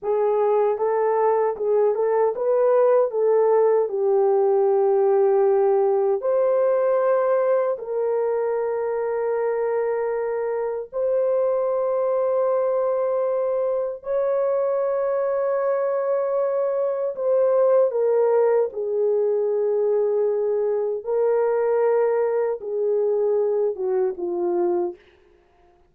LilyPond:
\new Staff \with { instrumentName = "horn" } { \time 4/4 \tempo 4 = 77 gis'4 a'4 gis'8 a'8 b'4 | a'4 g'2. | c''2 ais'2~ | ais'2 c''2~ |
c''2 cis''2~ | cis''2 c''4 ais'4 | gis'2. ais'4~ | ais'4 gis'4. fis'8 f'4 | }